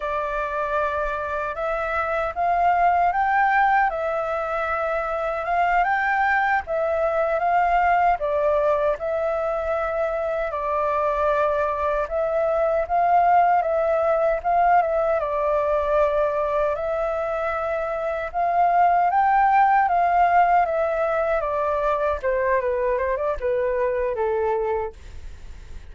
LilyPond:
\new Staff \with { instrumentName = "flute" } { \time 4/4 \tempo 4 = 77 d''2 e''4 f''4 | g''4 e''2 f''8 g''8~ | g''8 e''4 f''4 d''4 e''8~ | e''4. d''2 e''8~ |
e''8 f''4 e''4 f''8 e''8 d''8~ | d''4. e''2 f''8~ | f''8 g''4 f''4 e''4 d''8~ | d''8 c''8 b'8 c''16 d''16 b'4 a'4 | }